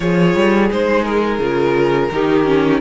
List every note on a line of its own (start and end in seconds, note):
0.00 0.35 F3
0.00 0.69 F4
0.00 2.12 G#4
0.00 0.70 C#5
0.35 0.70 G3
0.70 1.38 G#3
0.70 1.40 D#4
0.70 1.04 C5
1.04 2.80 A#4
1.38 2.09 C#3
1.38 2.11 F4
2.11 2.80 D#3
2.11 2.44 D#4
2.11 2.80 G4
2.44 2.80 C#4